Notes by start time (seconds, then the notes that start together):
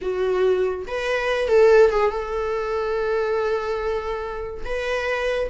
0.01 F#4
0.87 B4
1.48 A4
1.90 G#4
2.10 A4
4.64 B4